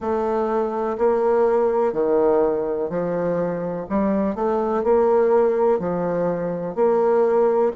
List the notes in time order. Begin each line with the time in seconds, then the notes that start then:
0.00 A3
0.98 A#3
1.93 D#3
2.89 F3
3.89 G3
4.35 A3
4.83 A#3
5.78 F3
6.75 A#3